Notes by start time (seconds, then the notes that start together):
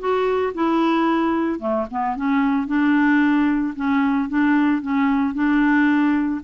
0.00 F#4
0.55 E4
1.60 A3
1.91 B3
2.17 C#4
2.68 D4
3.76 C#4
4.30 D4
4.82 C#4
5.35 D4